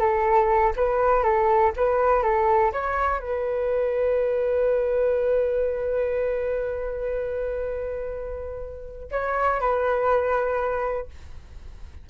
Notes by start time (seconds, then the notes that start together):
0.00 A4
0.76 B4
1.23 A4
1.77 B4
2.23 A4
2.73 C#5
3.20 B4
9.12 C#5
9.61 B4